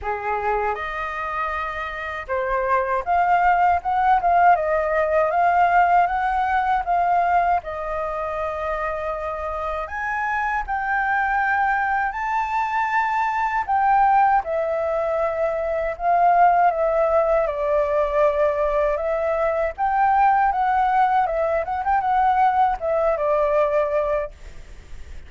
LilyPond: \new Staff \with { instrumentName = "flute" } { \time 4/4 \tempo 4 = 79 gis'4 dis''2 c''4 | f''4 fis''8 f''8 dis''4 f''4 | fis''4 f''4 dis''2~ | dis''4 gis''4 g''2 |
a''2 g''4 e''4~ | e''4 f''4 e''4 d''4~ | d''4 e''4 g''4 fis''4 | e''8 fis''16 g''16 fis''4 e''8 d''4. | }